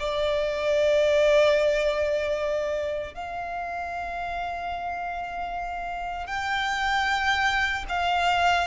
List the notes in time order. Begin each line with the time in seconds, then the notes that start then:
0.00 D5
3.14 F5
6.27 G5
7.89 F5